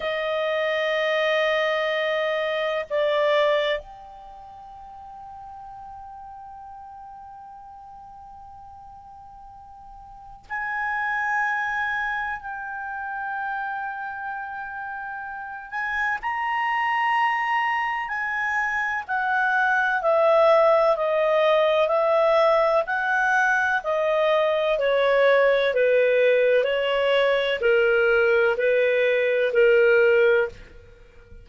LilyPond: \new Staff \with { instrumentName = "clarinet" } { \time 4/4 \tempo 4 = 63 dis''2. d''4 | g''1~ | g''2. gis''4~ | gis''4 g''2.~ |
g''8 gis''8 ais''2 gis''4 | fis''4 e''4 dis''4 e''4 | fis''4 dis''4 cis''4 b'4 | cis''4 ais'4 b'4 ais'4 | }